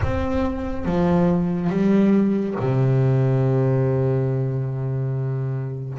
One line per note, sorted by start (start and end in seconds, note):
0.02 0.85 C4
0.85 1.69 F3
1.69 2.55 G3
2.59 5.98 C3